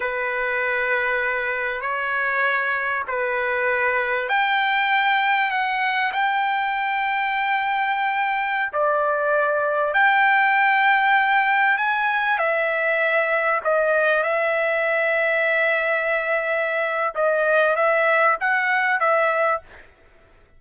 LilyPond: \new Staff \with { instrumentName = "trumpet" } { \time 4/4 \tempo 4 = 98 b'2. cis''4~ | cis''4 b'2 g''4~ | g''4 fis''4 g''2~ | g''2~ g''16 d''4.~ d''16~ |
d''16 g''2. gis''8.~ | gis''16 e''2 dis''4 e''8.~ | e''1 | dis''4 e''4 fis''4 e''4 | }